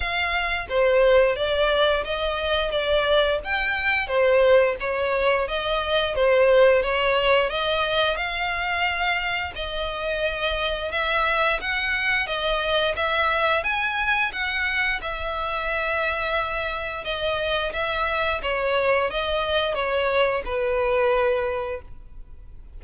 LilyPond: \new Staff \with { instrumentName = "violin" } { \time 4/4 \tempo 4 = 88 f''4 c''4 d''4 dis''4 | d''4 g''4 c''4 cis''4 | dis''4 c''4 cis''4 dis''4 | f''2 dis''2 |
e''4 fis''4 dis''4 e''4 | gis''4 fis''4 e''2~ | e''4 dis''4 e''4 cis''4 | dis''4 cis''4 b'2 | }